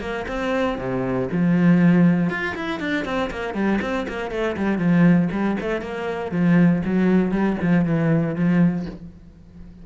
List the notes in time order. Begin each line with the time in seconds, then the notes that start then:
0.00 A#3
0.28 C4
0.78 C3
1.32 F3
2.30 F4
2.56 E4
2.80 D4
3.05 C4
3.31 A#3
3.54 G3
3.82 C4
4.08 A#3
4.31 A3
4.57 G3
4.78 F3
5.32 G3
5.61 A3
5.81 A#3
6.32 F3
6.85 F#3
7.31 G3
7.62 F3
7.85 E3
8.35 F3